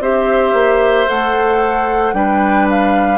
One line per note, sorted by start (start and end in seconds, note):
0.00 0.53 C4
0.00 1.07 G4
0.00 2.15 C5
0.00 1.09 E5
0.53 1.07 A#3
1.07 2.13 A3
1.07 2.14 A4
1.07 2.14 F#5
2.13 3.18 G3
2.13 3.18 D4
2.13 3.18 B4
2.13 2.68 G5
2.70 3.18 F5